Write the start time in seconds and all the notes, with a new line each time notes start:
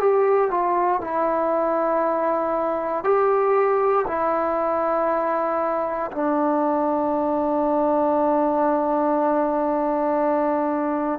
0.00 G4
0.51 F4
1.01 E4
3.04 G4
4.08 E4
6.12 D4